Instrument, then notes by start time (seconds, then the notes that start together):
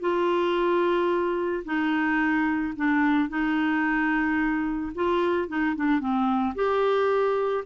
clarinet
0.00 F4
1.65 D#4
2.76 D4
3.29 D#4
4.95 F4
5.48 D#4
5.75 D4
6.00 C4
6.55 G4